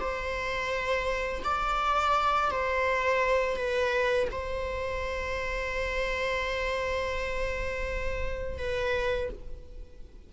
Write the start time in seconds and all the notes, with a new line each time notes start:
0.00 C5
1.44 D5
2.51 C5
3.56 B4
4.31 C5
8.58 B4